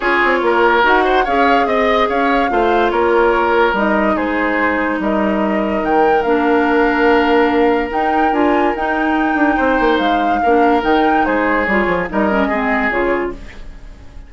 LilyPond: <<
  \new Staff \with { instrumentName = "flute" } { \time 4/4 \tempo 4 = 144 cis''2 fis''4 f''4 | dis''4 f''2 cis''4~ | cis''4 dis''4 c''2 | dis''2 g''4 f''4~ |
f''2. g''4 | gis''4 g''2. | f''2 g''4 c''4 | cis''4 dis''2 cis''4 | }
  \new Staff \with { instrumentName = "oboe" } { \time 4/4 gis'4 ais'4. c''8 cis''4 | dis''4 cis''4 c''4 ais'4~ | ais'2 gis'2 | ais'1~ |
ais'1~ | ais'2. c''4~ | c''4 ais'2 gis'4~ | gis'4 ais'4 gis'2 | }
  \new Staff \with { instrumentName = "clarinet" } { \time 4/4 f'2 fis'4 gis'4~ | gis'2 f'2~ | f'4 dis'2.~ | dis'2. d'4~ |
d'2. dis'4 | f'4 dis'2.~ | dis'4 d'4 dis'2 | f'4 dis'8 cis'8 c'4 f'4 | }
  \new Staff \with { instrumentName = "bassoon" } { \time 4/4 cis'8 c'8 ais4 dis'4 cis'4 | c'4 cis'4 a4 ais4~ | ais4 g4 gis2 | g2 dis4 ais4~ |
ais2. dis'4 | d'4 dis'4. d'8 c'8 ais8 | gis4 ais4 dis4 gis4 | g8 f8 g4 gis4 cis4 | }
>>